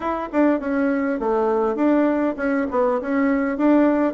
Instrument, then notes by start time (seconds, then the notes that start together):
bassoon
0.00 E4
0.32 D4
0.60 C#4
1.19 A3
1.75 D4
2.36 C#4
2.71 B3
3.01 C#4
3.57 D4